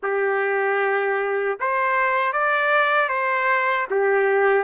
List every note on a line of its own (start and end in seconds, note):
0.02 1.58 G4
1.59 2.32 C5
2.32 3.08 D5
3.08 3.86 C5
3.90 4.64 G4